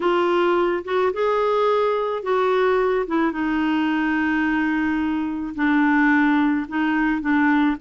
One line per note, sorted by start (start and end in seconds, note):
0.00 0.83 F4
0.84 1.12 F#4
1.13 2.22 G#4
2.22 3.06 F#4
3.07 3.32 E4
3.32 5.54 D#4
5.55 6.66 D4
6.68 7.21 D#4
7.21 7.76 D4